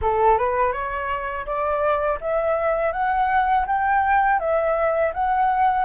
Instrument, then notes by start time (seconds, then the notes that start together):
flute
0.01 A4
0.38 B4
0.72 C#5
1.45 D5
2.20 E5
2.92 F#5
3.67 G5
4.39 E5
5.13 F#5